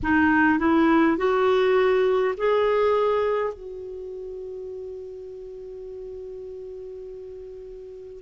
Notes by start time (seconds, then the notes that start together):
0.02 D#4
0.58 E4
1.17 F#4
2.37 G#4
3.53 F#4